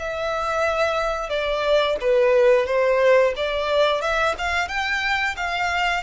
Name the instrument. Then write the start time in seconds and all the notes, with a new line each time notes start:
violin
0.00 E5
1.30 D5
2.01 B4
2.67 C5
3.37 D5
4.02 E5
4.39 F5
4.69 G5
5.37 F5